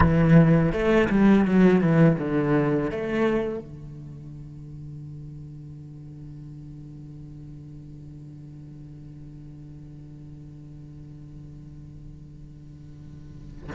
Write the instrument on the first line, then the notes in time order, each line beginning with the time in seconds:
cello
0.00 E3
0.72 A3
1.09 G3
1.45 F#3
1.81 E3
2.18 D3
2.90 A3
3.59 D3